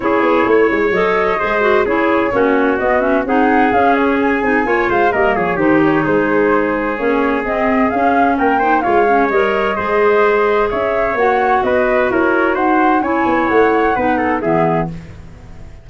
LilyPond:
<<
  \new Staff \with { instrumentName = "flute" } { \time 4/4 \tempo 4 = 129 cis''2 dis''2 | cis''2 dis''8 e''8 fis''4 | f''8 cis''8 gis''4. f''8 dis''8 cis''8 | c''8 cis''8 c''2 cis''4 |
dis''4 f''4 g''4 f''4 | dis''2. e''4 | fis''4 dis''4 cis''4 fis''4 | gis''4 fis''2 e''4 | }
  \new Staff \with { instrumentName = "trumpet" } { \time 4/4 gis'4 cis''2 c''4 | gis'4 fis'2 gis'4~ | gis'2 cis''8 c''8 ais'8 gis'8 | g'4 gis'2.~ |
gis'2 ais'8 c''8 cis''4~ | cis''4 c''2 cis''4~ | cis''4 b'4 ais'4 c''4 | cis''2 b'8 a'8 gis'4 | }
  \new Staff \with { instrumentName = "clarinet" } { \time 4/4 e'2 a'4 gis'8 fis'8 | e'4 cis'4 b8 cis'8 dis'4 | cis'4. dis'8 f'4 ais4 | dis'2. cis'4 |
c'4 cis'4. dis'8 f'8 cis'8 | ais'4 gis'2. | fis'1 | e'2 dis'4 b4 | }
  \new Staff \with { instrumentName = "tuba" } { \time 4/4 cis'8 b8 a8 gis8 fis4 gis4 | cis'4 ais4 b4 c'4 | cis'4. c'8 ais8 gis8 g8 f8 | dis4 gis2 ais4 |
c'4 cis'4 ais4 gis4 | g4 gis2 cis'4 | ais4 b4 e'4 dis'4 | cis'8 b8 a4 b4 e4 | }
>>